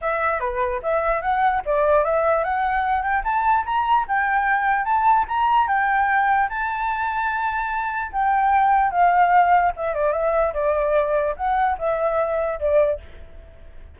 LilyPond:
\new Staff \with { instrumentName = "flute" } { \time 4/4 \tempo 4 = 148 e''4 b'4 e''4 fis''4 | d''4 e''4 fis''4. g''8 | a''4 ais''4 g''2 | a''4 ais''4 g''2 |
a''1 | g''2 f''2 | e''8 d''8 e''4 d''2 | fis''4 e''2 d''4 | }